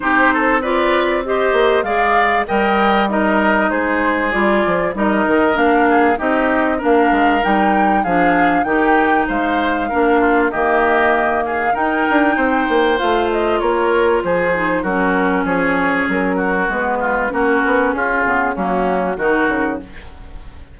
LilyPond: <<
  \new Staff \with { instrumentName = "flute" } { \time 4/4 \tempo 4 = 97 c''4 d''4 dis''4 f''4 | g''4 dis''4 c''4 d''4 | dis''4 f''4 dis''4 f''4 | g''4 f''4 g''4 f''4~ |
f''4 dis''4. f''8 g''4~ | g''4 f''8 dis''8 cis''4 c''4 | ais'4 cis''4 ais'4 b'4 | ais'4 gis'4 fis'4 ais'4 | }
  \new Staff \with { instrumentName = "oboe" } { \time 4/4 g'8 a'8 b'4 c''4 d''4 | dis''4 ais'4 gis'2 | ais'4. gis'8 g'4 ais'4~ | ais'4 gis'4 g'4 c''4 |
ais'8 f'8 g'4. gis'8 ais'4 | c''2 ais'4 gis'4 | fis'4 gis'4. fis'4 f'8 | fis'4 f'4 cis'4 fis'4 | }
  \new Staff \with { instrumentName = "clarinet" } { \time 4/4 dis'4 f'4 g'4 gis'4 | ais'4 dis'2 f'4 | dis'4 d'4 dis'4 d'4 | dis'4 d'4 dis'2 |
d'4 ais2 dis'4~ | dis'4 f'2~ f'8 dis'8 | cis'2. b4 | cis'4. b8 ais4 dis'4 | }
  \new Staff \with { instrumentName = "bassoon" } { \time 4/4 c'2~ c'8 ais8 gis4 | g2 gis4 g8 f8 | g8 dis8 ais4 c'4 ais8 gis8 | g4 f4 dis4 gis4 |
ais4 dis2 dis'8 d'8 | c'8 ais8 a4 ais4 f4 | fis4 f4 fis4 gis4 | ais8 b8 cis'8 cis8 fis4 dis8 cis8 | }
>>